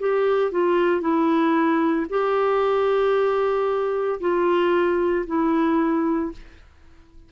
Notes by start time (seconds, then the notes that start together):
0.00 G4
0.51 F4
1.01 E4
2.09 G4
4.20 F4
5.26 E4